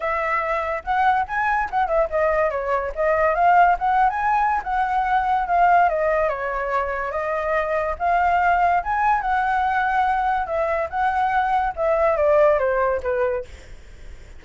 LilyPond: \new Staff \with { instrumentName = "flute" } { \time 4/4 \tempo 4 = 143 e''2 fis''4 gis''4 | fis''8 e''8 dis''4 cis''4 dis''4 | f''4 fis''8. gis''4~ gis''16 fis''4~ | fis''4 f''4 dis''4 cis''4~ |
cis''4 dis''2 f''4~ | f''4 gis''4 fis''2~ | fis''4 e''4 fis''2 | e''4 d''4 c''4 b'4 | }